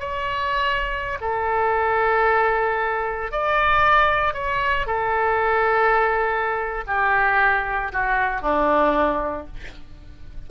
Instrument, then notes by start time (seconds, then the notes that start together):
oboe
0.00 C#5
1.21 A4
3.32 D5
4.34 C#5
4.87 A4
6.87 G4
7.93 F#4
8.42 D4